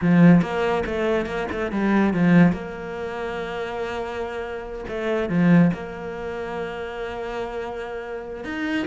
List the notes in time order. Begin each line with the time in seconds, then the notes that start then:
0.01 F3
0.41 A#3
0.85 A3
1.26 A#3
1.51 A3
1.71 G3
2.13 F3
2.52 A#3
4.88 A3
5.29 F3
5.73 A#3
8.44 D#4